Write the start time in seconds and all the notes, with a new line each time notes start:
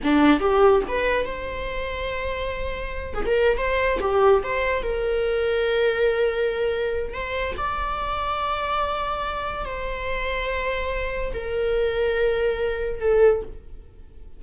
0.03 D4
0.40 G4
0.87 B4
1.25 C5
3.14 G#4
3.26 A#4
3.57 C5
4.00 G4
4.43 C5
4.83 A#4
7.13 C5
7.57 D5
9.64 C5
11.33 A#4
13.00 A4